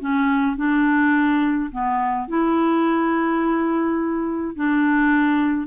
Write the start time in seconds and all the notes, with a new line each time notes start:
0.00 C#4
0.57 D4
1.72 B3
2.28 E4
4.56 D4